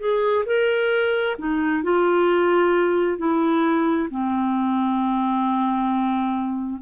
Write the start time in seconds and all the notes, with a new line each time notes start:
0.00 G#4
0.46 A#4
1.39 D#4
1.84 F4
3.18 E4
4.11 C4